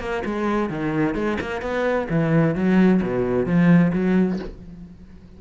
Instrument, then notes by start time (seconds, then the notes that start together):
cello
0.00 A#3
0.25 G#3
0.70 D#3
1.15 G#3
1.41 A#3
1.62 B3
2.10 E3
2.55 F#3
3.02 B2
3.46 F3
3.93 F#3